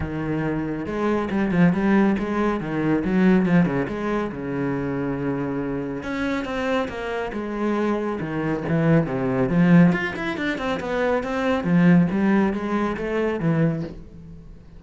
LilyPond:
\new Staff \with { instrumentName = "cello" } { \time 4/4 \tempo 4 = 139 dis2 gis4 g8 f8 | g4 gis4 dis4 fis4 | f8 cis8 gis4 cis2~ | cis2 cis'4 c'4 |
ais4 gis2 dis4 | e4 c4 f4 f'8 e'8 | d'8 c'8 b4 c'4 f4 | g4 gis4 a4 e4 | }